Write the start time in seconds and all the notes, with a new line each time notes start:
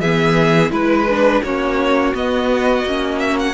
0.00 E3 B3 G#4 E5
0.70 G#3 E4 B4
1.09 D4
1.43 A#3 C#4 F#4 C#5
2.14 B3 D#5
2.84 A#3 C#4
3.19 E5
3.39 F#5